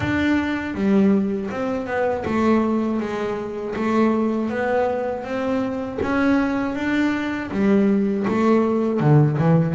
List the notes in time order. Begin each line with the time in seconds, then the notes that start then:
0.00 D4
0.74 G3
1.50 C4
1.86 B3
2.25 A3
3.00 G#3
3.75 A3
4.49 B3
5.24 C4
6.01 C#4
6.75 D4
7.51 G3
8.27 A3
9.00 D3
9.38 E3